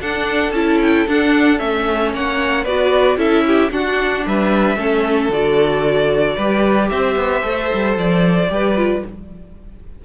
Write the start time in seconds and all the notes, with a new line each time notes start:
0.00 D4 A4 F#5
0.51 C#4 E4 A5
0.81 G5
1.08 D4 F#5
1.58 A3 C#4 E5
2.13 A#3 C#5 F#5
2.63 B3 F#4 B4 D5
3.16 C#4 E4 A4 E5
3.47 G4
3.71 D4 F#4 F#5
4.26 G3 B4 E5
4.76 A3 C#4 A4
5.28 D3 F#4 D5
6.36 G3 G4 B4
6.89 C4 C5 E5
7.15 B3
7.43 A3 A4
7.73 G3
7.97 F3 D5
8.48 G3 G4 B4
8.76 F4